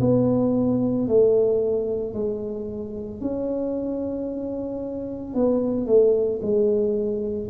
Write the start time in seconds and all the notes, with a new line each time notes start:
0.00 B3
1.07 A3
2.13 G#3
3.20 C#4
5.34 B3
5.86 A3
6.41 G#3